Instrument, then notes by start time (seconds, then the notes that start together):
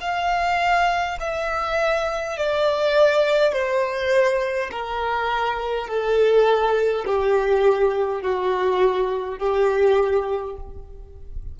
violin
0.00 F5
1.20 E5
2.37 D5
3.52 C5
4.71 A#4
5.87 A4
7.06 G4
8.21 F#4
9.38 G4